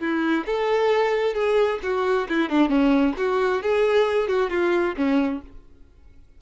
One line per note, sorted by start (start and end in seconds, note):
0.00 0.45 E4
0.46 1.35 A4
1.35 1.80 G#4
1.83 2.28 F#4
2.29 2.49 E4
2.49 2.70 D4
2.70 3.15 C#4
3.18 3.63 F#4
3.63 4.28 G#4
4.28 4.50 F#4
4.50 4.95 F4
4.97 5.42 C#4